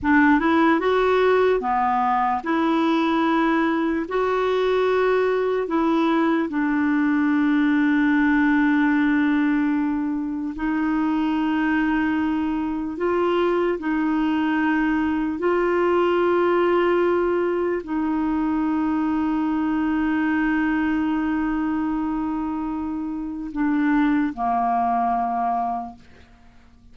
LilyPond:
\new Staff \with { instrumentName = "clarinet" } { \time 4/4 \tempo 4 = 74 d'8 e'8 fis'4 b4 e'4~ | e'4 fis'2 e'4 | d'1~ | d'4 dis'2. |
f'4 dis'2 f'4~ | f'2 dis'2~ | dis'1~ | dis'4 d'4 ais2 | }